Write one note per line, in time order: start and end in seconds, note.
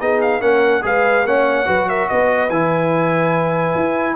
0.00 0.42 B3
0.00 0.41 D#4
0.00 0.41 G#4
0.00 0.21 D#5
0.22 0.42 F5
0.41 0.83 A#3
0.41 0.82 C#4
0.41 0.83 A#4
0.41 0.83 F#5
0.82 1.25 G#3
0.82 1.24 G#4
0.82 1.27 B4
0.82 1.27 F5
1.25 1.66 A#3
1.25 1.66 C#4
1.25 1.67 C#5
1.25 1.89 F#5
1.66 2.10 F#3
1.66 2.49 F#4
1.66 1.88 B4
1.89 2.10 A#4
1.89 2.09 E5
2.09 2.50 B3
2.09 4.16 B4
2.09 2.50 D#5
2.50 3.75 E3
2.50 4.16 E4
2.50 4.16 G#5
3.75 4.16 E4